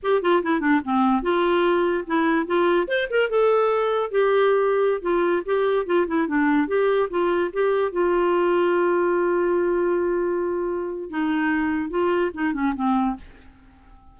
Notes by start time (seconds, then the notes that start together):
0.02 G4
0.21 F4
0.42 E4
0.60 D4
0.84 C4
1.22 F4
2.06 E4
2.46 F4
2.87 C5
3.10 A#4
3.29 A4
4.10 G4
5.01 F4
5.45 G4
5.86 F4
6.07 E4
6.27 D4
6.67 G4
7.09 F4
7.53 G4
7.91 F4
11.10 D#4
11.90 F4
12.34 D#4
12.53 C#4
12.75 C4